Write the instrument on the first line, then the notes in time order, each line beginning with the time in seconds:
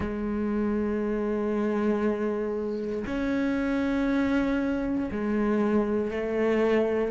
cello
0.00 G#3
3.06 C#4
5.11 G#3
6.11 A3